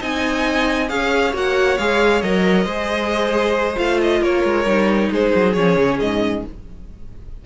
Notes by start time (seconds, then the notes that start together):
0.00 C4 D#4 D#5 G#5
0.88 C#4 G#4 C#5 F5
1.33 A#3 F#4 F#5
1.78 G#3 G#4 F5
2.21 F#3 A#4 D#5
2.65 G#3 G#4 C5
3.76 A3 F4 F5
4.02 D#5
4.21 A#3 A#4 C#5
4.44 G#3
4.65 G3 D#4
5.11 G#3 G#4 C5
5.34 F#3
5.53 F3 C#4 C#5
5.76 C#3
6.00 G#2 D#5